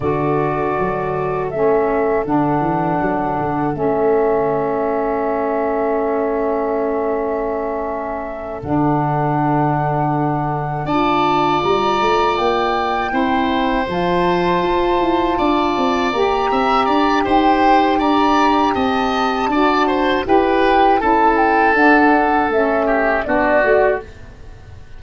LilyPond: <<
  \new Staff \with { instrumentName = "flute" } { \time 4/4 \tempo 4 = 80 d''2 e''4 fis''4~ | fis''4 e''2.~ | e''2.~ e''8 fis''8~ | fis''2~ fis''8 a''4 ais''8~ |
ais''8 g''2 a''4.~ | a''4. ais''4. g''4 | ais''4 a''2 g''4 | a''8 g''8 fis''4 e''4 d''4 | }
  \new Staff \with { instrumentName = "oboe" } { \time 4/4 a'1~ | a'1~ | a'1~ | a'2~ a'8 d''4.~ |
d''4. c''2~ c''8~ | c''8 d''4. e''8 d''8 c''4 | d''4 dis''4 d''8 c''8 b'4 | a'2~ a'8 g'8 fis'4 | }
  \new Staff \with { instrumentName = "saxophone" } { \time 4/4 fis'2 cis'4 d'4~ | d'4 cis'2.~ | cis'2.~ cis'8 d'8~ | d'2~ d'8 f'4.~ |
f'4. e'4 f'4.~ | f'4. g'2~ g'8~ | g'2 fis'4 g'4 | e'4 d'4 cis'4 d'8 fis'8 | }
  \new Staff \with { instrumentName = "tuba" } { \time 4/4 d4 fis4 a4 d8 e8 | fis8 d8 a2.~ | a2.~ a8 d8~ | d2~ d8 d'4 g8 |
a8 ais4 c'4 f4 f'8 | e'8 d'8 c'8 ais8 c'8 d'8 dis'4 | d'4 c'4 d'4 e'4 | cis'4 d'4 a4 b8 a8 | }
>>